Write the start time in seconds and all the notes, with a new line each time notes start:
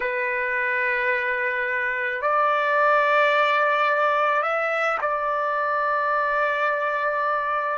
0.00 B4
2.21 D5
4.42 E5
5.01 D5